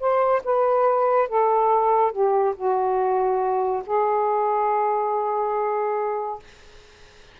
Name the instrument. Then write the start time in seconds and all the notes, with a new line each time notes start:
saxophone
0.00 C5
0.45 B4
1.29 A4
2.12 G4
2.57 F#4
3.86 G#4